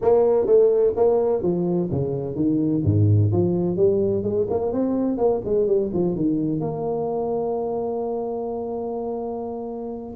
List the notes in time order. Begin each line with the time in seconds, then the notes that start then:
0.01 A#3
0.46 A3
0.96 A#3
1.42 F3
1.91 C#3
2.35 D#3
2.84 G#2
3.32 F3
3.76 G3
4.23 G#3
4.49 A#3
4.72 C4
5.17 A#3
5.44 G#3
5.66 G3
5.93 F3
6.15 D#3
6.60 A#3